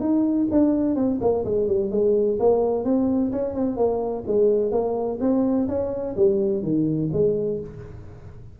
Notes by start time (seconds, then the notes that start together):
0.00 D#4
0.51 D4
0.96 C4
1.21 A#3
1.45 G#3
1.67 G3
1.91 G#3
2.39 A#3
2.84 C4
3.32 C#4
3.54 C4
3.77 A#3
4.27 G#3
4.71 A#3
5.20 C4
5.68 C#4
6.16 G3
6.63 D#3
7.13 G#3